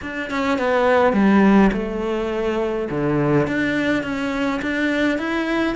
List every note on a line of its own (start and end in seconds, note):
0.01 0.30 D4
0.30 0.58 C#4
0.58 1.13 B3
1.13 1.70 G3
1.73 2.88 A3
2.90 3.47 D3
3.47 4.03 D4
4.03 4.60 C#4
4.62 5.18 D4
5.18 5.75 E4